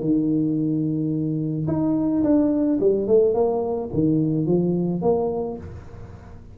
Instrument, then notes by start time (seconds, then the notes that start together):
tuba
0.00 D#3
1.67 D#4
2.23 D4
2.80 G3
3.07 A3
3.34 A#3
3.93 D#3
4.46 F3
5.02 A#3